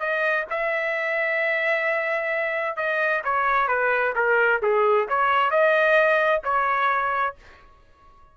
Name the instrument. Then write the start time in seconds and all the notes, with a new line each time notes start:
trumpet
0.00 D#5
0.50 E5
2.77 D#5
3.25 C#5
3.68 B4
4.16 A#4
4.63 G#4
5.09 C#5
5.51 D#5
6.44 C#5